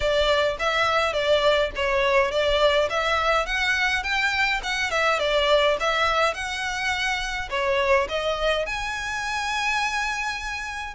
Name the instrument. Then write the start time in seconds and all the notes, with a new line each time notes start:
violin
0.00 D5
0.59 E5
1.12 D5
1.75 C#5
2.31 D5
2.89 E5
3.45 F#5
4.03 G5
4.63 F#5
4.90 E5
5.19 D5
5.80 E5
6.34 F#5
7.50 C#5
8.08 D#5
8.66 G#5